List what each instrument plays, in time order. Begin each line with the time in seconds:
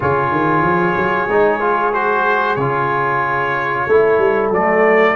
0.00 tuba C#3, trombone F4, horn G#4, trumpet C#5
0.31 tuba D#3
0.62 tuba F3
0.96 tuba F#3
1.27 tuba G#3, trombone D#4
1.60 trombone F4
1.93 trombone F#4, trumpet C5
2.55 tuba C#3, trombone F4, trumpet C#5
3.87 tuba A3, trombone E4, horn A4
4.18 tuba G3
4.50 tuba F#3, trombone A3, trumpet D5